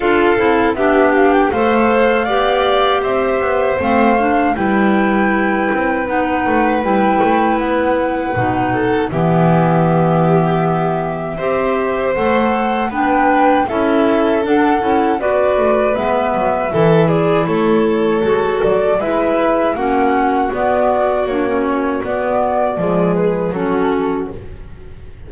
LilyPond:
<<
  \new Staff \with { instrumentName = "flute" } { \time 4/4 \tempo 4 = 79 f''4 e''8 f''16 g''16 f''2 | e''4 f''4 g''2 | fis''4 g''4 fis''2 | e''1 |
fis''4 g''4 e''4 fis''4 | d''4 e''4. d''8 cis''4~ | cis''8 d''8 e''4 fis''4 d''4 | cis''4 d''4. b'8 a'4 | }
  \new Staff \with { instrumentName = "violin" } { \time 4/4 a'4 g'4 c''4 d''4 | c''2 b'2~ | b'2.~ b'8 a'8 | g'2. c''4~ |
c''4 b'4 a'2 | b'2 a'8 gis'8 a'4~ | a'4 b'4 fis'2~ | fis'2 gis'4 fis'4 | }
  \new Staff \with { instrumentName = "clarinet" } { \time 4/4 f'8 e'8 d'4 a'4 g'4~ | g'4 c'8 d'8 e'2 | dis'4 e'2 dis'4 | b2. g'4 |
a'4 d'4 e'4 d'8 e'8 | fis'4 b4 e'2 | fis'4 e'4 cis'4 b4 | d'16 cis'8. b4 gis4 cis'4 | }
  \new Staff \with { instrumentName = "double bass" } { \time 4/4 d'8 c'8 b4 a4 b4 | c'8 b8 a4 g4. c'8 | b8 a8 g8 a8 b4 b,4 | e2. c'4 |
a4 b4 cis'4 d'8 cis'8 | b8 a8 gis8 fis8 e4 a4 | gis8 fis8 gis4 ais4 b4 | ais4 b4 f4 fis4 | }
>>